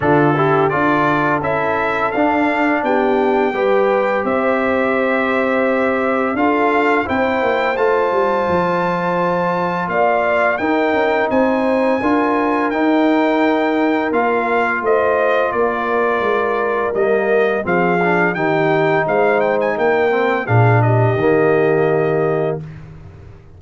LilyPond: <<
  \new Staff \with { instrumentName = "trumpet" } { \time 4/4 \tempo 4 = 85 a'4 d''4 e''4 f''4 | g''2 e''2~ | e''4 f''4 g''4 a''4~ | a''2 f''4 g''4 |
gis''2 g''2 | f''4 dis''4 d''2 | dis''4 f''4 g''4 f''8 g''16 gis''16 | g''4 f''8 dis''2~ dis''8 | }
  \new Staff \with { instrumentName = "horn" } { \time 4/4 f'8 g'8 a'2. | g'4 b'4 c''2~ | c''4 a'4 c''2~ | c''2 d''4 ais'4 |
c''4 ais'2.~ | ais'4 c''4 ais'2~ | ais'4 gis'4 g'4 c''4 | ais'4 gis'8 g'2~ g'8 | }
  \new Staff \with { instrumentName = "trombone" } { \time 4/4 d'8 e'8 f'4 e'4 d'4~ | d'4 g'2.~ | g'4 f'4 e'4 f'4~ | f'2. dis'4~ |
dis'4 f'4 dis'2 | f'1 | ais4 c'8 d'8 dis'2~ | dis'8 c'8 d'4 ais2 | }
  \new Staff \with { instrumentName = "tuba" } { \time 4/4 d4 d'4 cis'4 d'4 | b4 g4 c'2~ | c'4 d'4 c'8 ais8 a8 g8 | f2 ais4 dis'8 cis'8 |
c'4 d'4 dis'2 | ais4 a4 ais4 gis4 | g4 f4 dis4 gis4 | ais4 ais,4 dis2 | }
>>